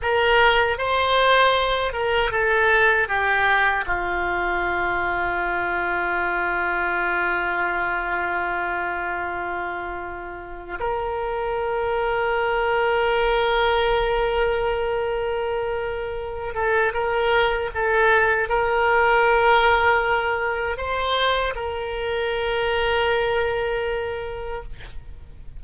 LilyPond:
\new Staff \with { instrumentName = "oboe" } { \time 4/4 \tempo 4 = 78 ais'4 c''4. ais'8 a'4 | g'4 f'2.~ | f'1~ | f'2 ais'2~ |
ais'1~ | ais'4. a'8 ais'4 a'4 | ais'2. c''4 | ais'1 | }